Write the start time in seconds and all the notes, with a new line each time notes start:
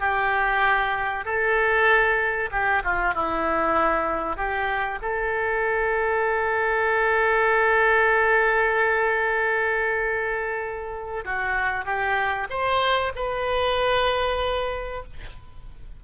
0.00 G4
1.25 A4
2.51 G4
2.84 F4
3.14 E4
4.37 G4
5.02 A4
11.25 F#4
11.85 G4
12.50 C5
13.16 B4